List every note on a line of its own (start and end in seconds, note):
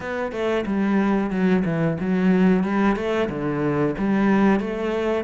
0.00 0.31 B3
0.31 0.64 A3
0.66 1.30 G3
1.30 1.63 F#3
1.65 1.98 E3
2.00 2.63 F#3
2.63 2.96 G3
2.96 3.28 A3
3.29 3.95 D3
3.98 4.59 G3
4.59 5.24 A3